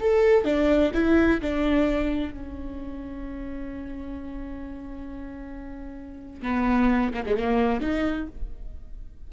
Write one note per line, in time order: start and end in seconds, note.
0.00 0.45 A4
0.45 0.91 D4
0.94 1.41 E4
1.41 2.33 D4
2.33 6.42 C#4
6.42 7.12 B3
7.13 7.25 A#3
7.25 7.37 G#3
7.37 7.80 A#3
7.80 8.27 D#4